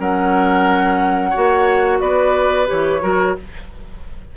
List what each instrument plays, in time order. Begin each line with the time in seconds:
0.00 bassoon F#3, clarinet C#4, oboe A#4, flute F#5
1.31 clarinet F#4, oboe C#5
1.37 bassoon A#3
2.01 bassoon B3, oboe B4, flute D5
2.67 bassoon E3, clarinet G4, flute C#5
3.02 bassoon F#3, clarinet F#4, oboe A#4